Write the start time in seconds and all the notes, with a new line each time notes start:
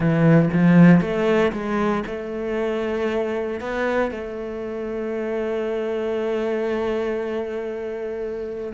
0.00 E3
0.53 F3
1.00 A3
1.52 G#3
2.06 A3
3.60 B3
4.11 A3